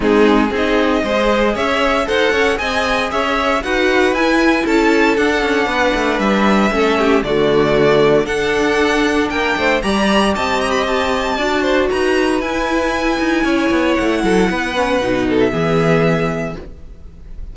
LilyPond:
<<
  \new Staff \with { instrumentName = "violin" } { \time 4/4 \tempo 4 = 116 gis'4 dis''2 e''4 | fis''4 gis''4 e''4 fis''4 | gis''4 a''4 fis''2 | e''2 d''2 |
fis''2 g''4 ais''4 | a''8 ais''16 b''16 a''2 ais''4 | gis''2. fis''4~ | fis''4.~ fis''16 e''2~ e''16 | }
  \new Staff \with { instrumentName = "violin" } { \time 4/4 dis'4 gis'4 c''4 cis''4 | c''8 cis''8 dis''4 cis''4 b'4~ | b'4 a'2 b'4~ | b'4 a'8 g'8 fis'2 |
a'2 ais'8 c''8 d''4 | dis''2 d''8 c''8 b'4~ | b'2 cis''4. a'8 | b'4. a'8 gis'2 | }
  \new Staff \with { instrumentName = "viola" } { \time 4/4 c'4 dis'4 gis'2 | a'4 gis'2 fis'4 | e'2 d'2~ | d'4 cis'4 a2 |
d'2. g'4~ | g'2 fis'2 | e'1~ | e'8 cis'8 dis'4 b2 | }
  \new Staff \with { instrumentName = "cello" } { \time 4/4 gis4 c'4 gis4 cis'4 | dis'8 cis'8 c'4 cis'4 dis'4 | e'4 cis'4 d'8 cis'8 b8 a8 | g4 a4 d2 |
d'2 ais8 a8 g4 | c'2 d'4 dis'4 | e'4. dis'8 cis'8 b8 a8 fis8 | b4 b,4 e2 | }
>>